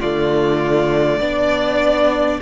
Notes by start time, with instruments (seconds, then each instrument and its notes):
0.00 cello D3, viola A3, violin F4 D5
1.20 cello B3, viola D4, violin D5